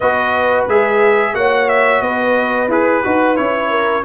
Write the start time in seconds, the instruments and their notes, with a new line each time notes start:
0.00 tuba B3, trombone F#4, horn B4, trumpet D#5
0.67 tuba G#3, trombone G#4, trumpet E5
1.34 tuba A#3, trombone F#4, horn C#5, trumpet F#5
1.68 trumpet E5
2.01 tuba B3, horn B4, trumpet D#5
2.68 tuba E4, trombone G#4, trumpet B4
3.03 tuba D#4, trombone F#4
3.36 tuba C#4, trombone E4, trumpet C#5
3.70 horn A#4